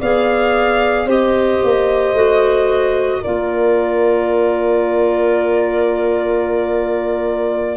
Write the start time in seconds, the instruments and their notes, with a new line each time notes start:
0.00 tuba B3, clarinet G#4, horn D5, violin F5
1.06 tuba C4, clarinet G4, horn C5, violin D#5
1.63 tuba A#3
2.13 tuba A3, clarinet F#4
3.21 tuba A#3, clarinet F4, horn A#4, violin D5